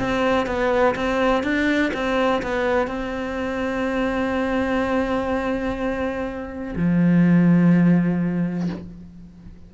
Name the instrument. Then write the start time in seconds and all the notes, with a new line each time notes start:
cello
0.00 C4
0.47 B3
0.96 C4
1.43 D4
1.94 C4
2.43 B3
2.87 C4
6.76 F3